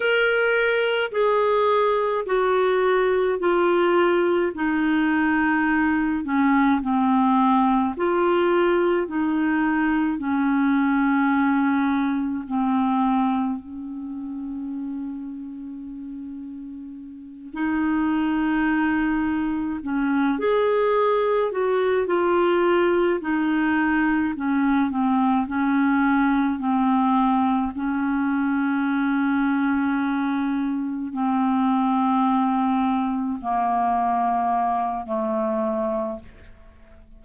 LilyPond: \new Staff \with { instrumentName = "clarinet" } { \time 4/4 \tempo 4 = 53 ais'4 gis'4 fis'4 f'4 | dis'4. cis'8 c'4 f'4 | dis'4 cis'2 c'4 | cis'2.~ cis'8 dis'8~ |
dis'4. cis'8 gis'4 fis'8 f'8~ | f'8 dis'4 cis'8 c'8 cis'4 c'8~ | c'8 cis'2. c'8~ | c'4. ais4. a4 | }